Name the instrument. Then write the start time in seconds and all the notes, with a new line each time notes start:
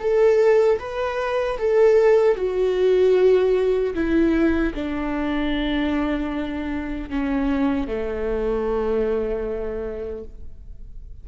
viola
0.00 A4
0.79 B4
1.58 A4
2.36 F#4
3.94 E4
4.75 D4
7.10 C#4
7.88 A3